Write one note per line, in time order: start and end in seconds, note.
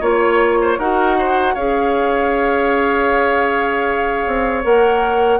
0.00 0.78 A#3
0.00 0.78 F4
0.00 0.58 C#5
0.00 0.79 C#5
0.61 0.78 C5
0.78 1.55 D#4
0.78 1.57 F#4
0.78 1.17 A#4
0.78 1.55 F#5
1.18 1.54 C5
1.54 4.25 C#4
1.54 4.63 G#4
1.54 5.38 C#5
1.54 4.62 F5
4.27 4.64 C4
4.63 5.40 A#3
4.63 5.40 A#4
4.63 5.40 F#5